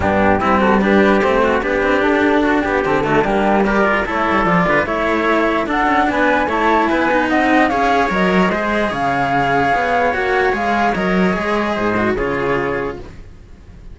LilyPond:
<<
  \new Staff \with { instrumentName = "flute" } { \time 4/4 \tempo 4 = 148 g'4. a'8 b'4 c''4 | b'4 a'4. g'8 a'4 | g'4 d''4 cis''4 d''4 | e''2 fis''4 gis''4 |
a''4 gis''4 fis''4 f''4 | dis''2 f''2~ | f''4 fis''4 f''4 dis''4~ | dis''2 cis''2 | }
  \new Staff \with { instrumentName = "trumpet" } { \time 4/4 d'4 e'8 fis'8 g'4. fis'8 | g'2 fis'8 g'4 fis'8 | d'4 ais'4 a'4. b'8 | cis''2 a'4 b'4 |
cis''4 b'4 dis''4 cis''4~ | cis''4 c''4 cis''2~ | cis''1~ | cis''4 c''4 gis'2 | }
  \new Staff \with { instrumentName = "cello" } { \time 4/4 b4 c'4 d'4 c'4 | d'2~ d'8 b8 c'8 a8 | ais4 g'8 f'8 e'4 f'4 | e'2 d'2 |
e'4. dis'4. gis'4 | ais'4 gis'2.~ | gis'4 fis'4 gis'4 ais'4 | gis'4. fis'8 f'2 | }
  \new Staff \with { instrumentName = "cello" } { \time 4/4 g,4 g2 a4 | b8 c'8 d'2 d4 | g2 a8 g8 f8 d8 | a2 d'8 cis'8 b4 |
a4 b4 c'4 cis'4 | fis4 gis4 cis2 | b4 ais4 gis4 fis4 | gis4 gis,4 cis2 | }
>>